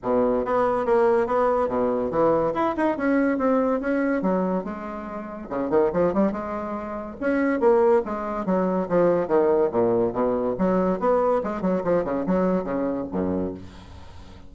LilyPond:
\new Staff \with { instrumentName = "bassoon" } { \time 4/4 \tempo 4 = 142 b,4 b4 ais4 b4 | b,4 e4 e'8 dis'8 cis'4 | c'4 cis'4 fis4 gis4~ | gis4 cis8 dis8 f8 g8 gis4~ |
gis4 cis'4 ais4 gis4 | fis4 f4 dis4 ais,4 | b,4 fis4 b4 gis8 fis8 | f8 cis8 fis4 cis4 fis,4 | }